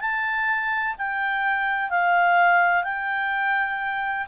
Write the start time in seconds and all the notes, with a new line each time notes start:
0.00 A5
0.98 G5
1.90 F5
2.84 G5